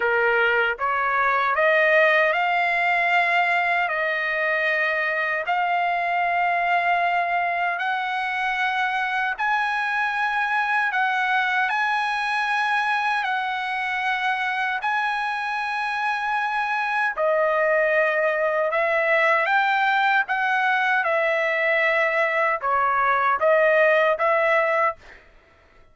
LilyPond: \new Staff \with { instrumentName = "trumpet" } { \time 4/4 \tempo 4 = 77 ais'4 cis''4 dis''4 f''4~ | f''4 dis''2 f''4~ | f''2 fis''2 | gis''2 fis''4 gis''4~ |
gis''4 fis''2 gis''4~ | gis''2 dis''2 | e''4 g''4 fis''4 e''4~ | e''4 cis''4 dis''4 e''4 | }